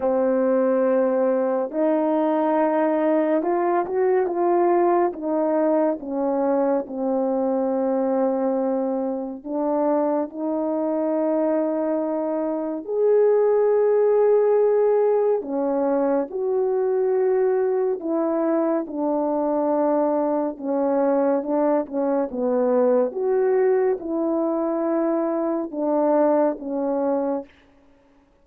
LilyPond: \new Staff \with { instrumentName = "horn" } { \time 4/4 \tempo 4 = 70 c'2 dis'2 | f'8 fis'8 f'4 dis'4 cis'4 | c'2. d'4 | dis'2. gis'4~ |
gis'2 cis'4 fis'4~ | fis'4 e'4 d'2 | cis'4 d'8 cis'8 b4 fis'4 | e'2 d'4 cis'4 | }